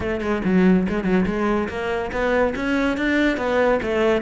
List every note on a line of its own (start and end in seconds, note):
0.00 0.20 A3
0.20 0.41 G#3
0.44 0.86 F#3
0.88 1.04 G#3
1.04 1.25 F#3
1.26 1.68 G#3
1.69 2.11 A#3
2.11 2.54 B3
2.55 2.97 C#4
2.97 3.37 D4
3.37 3.79 B3
3.82 4.21 A3